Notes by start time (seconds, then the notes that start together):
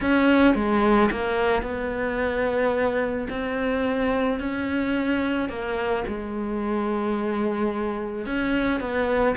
0.00 C#4
0.55 G#3
1.11 A#3
1.62 B3
3.29 C4
4.39 C#4
5.49 A#3
6.07 G#3
8.26 C#4
8.80 B3